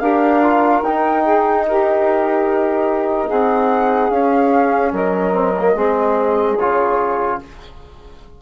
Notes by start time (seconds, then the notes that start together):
0.00 D4 G4 A#4 F5
0.43 F4
0.82 D#4 G5
1.24 G#4
1.68 G4 A#4
3.27 C4 G#4 F#5
4.10 C#4 F5
4.93 F#3 A#4 D#5
5.34 C4
5.58 A#3
5.74 G#3 C4 G#4
6.59 C#3 F4 C#5